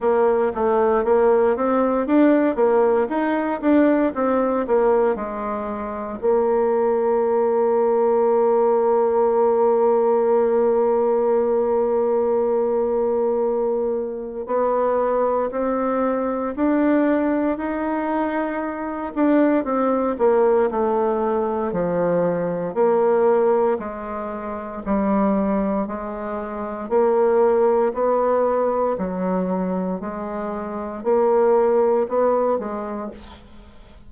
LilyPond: \new Staff \with { instrumentName = "bassoon" } { \time 4/4 \tempo 4 = 58 ais8 a8 ais8 c'8 d'8 ais8 dis'8 d'8 | c'8 ais8 gis4 ais2~ | ais1~ | ais2 b4 c'4 |
d'4 dis'4. d'8 c'8 ais8 | a4 f4 ais4 gis4 | g4 gis4 ais4 b4 | fis4 gis4 ais4 b8 gis8 | }